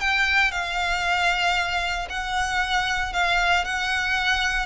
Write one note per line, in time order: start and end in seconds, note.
0.00 0.52 G5
0.52 2.08 F5
2.10 3.13 F#5
3.13 3.65 F5
3.65 4.66 F#5